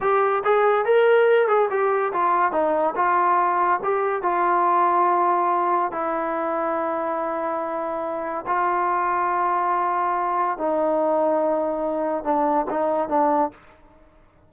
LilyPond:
\new Staff \with { instrumentName = "trombone" } { \time 4/4 \tempo 4 = 142 g'4 gis'4 ais'4. gis'8 | g'4 f'4 dis'4 f'4~ | f'4 g'4 f'2~ | f'2 e'2~ |
e'1 | f'1~ | f'4 dis'2.~ | dis'4 d'4 dis'4 d'4 | }